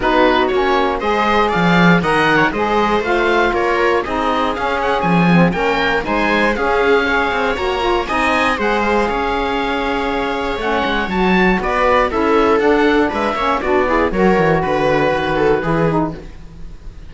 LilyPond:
<<
  \new Staff \with { instrumentName = "oboe" } { \time 4/4 \tempo 4 = 119 b'4 cis''4 dis''4 f''4 | fis''4 dis''4 f''4 cis''4 | dis''4 f''8 fis''8 gis''4 g''4 | gis''4 f''2 ais''4 |
gis''4 fis''8 f''2~ f''8~ | f''4 fis''4 a''4 d''4 | e''4 fis''4 e''4 d''4 | cis''4 b'2. | }
  \new Staff \with { instrumentName = "viola" } { \time 4/4 fis'2 c''4 d''4 | dis''8. cis''16 c''2 ais'4 | gis'2. ais'4 | c''4 gis'4 cis''2 |
dis''4 c''4 cis''2~ | cis''2. b'4 | a'2 b'8 cis''8 fis'8 gis'8 | ais'4 b'4. a'8 gis'4 | }
  \new Staff \with { instrumentName = "saxophone" } { \time 4/4 dis'4 cis'4 gis'2 | ais'4 gis'4 f'2 | dis'4 cis'4. c'8 cis'4 | dis'4 cis'4 gis'4 fis'8 f'8 |
dis'4 gis'2.~ | gis'4 cis'4 fis'2 | e'4 d'4. cis'8 d'8 e'8 | fis'2. e'8 dis'8 | }
  \new Staff \with { instrumentName = "cello" } { \time 4/4 b4 ais4 gis4 f4 | dis4 gis4 a4 ais4 | c'4 cis'4 f4 ais4 | gis4 cis'4. c'8 ais4 |
c'4 gis4 cis'2~ | cis'4 a8 gis8 fis4 b4 | cis'4 d'4 gis8 ais8 b4 | fis8 e8 d4 dis4 e4 | }
>>